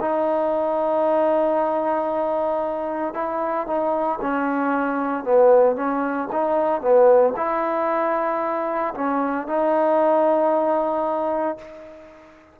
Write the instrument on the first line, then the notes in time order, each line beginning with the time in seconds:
trombone
0.00 D#4
3.14 E4
3.67 D#4
4.21 C#4
5.23 B3
5.75 C#4
6.32 D#4
6.81 B3
7.36 E4
8.94 C#4
9.47 D#4